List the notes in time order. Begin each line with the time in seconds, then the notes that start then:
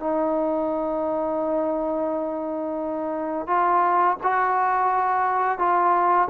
0.00 D#4
3.47 F4
4.23 F#4
5.58 F4